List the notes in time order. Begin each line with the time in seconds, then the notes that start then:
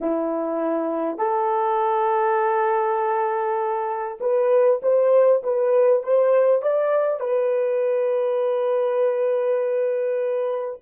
0.01 E4
1.18 A4
4.20 B4
4.82 C5
5.43 B4
6.03 C5
6.62 D5
7.19 B4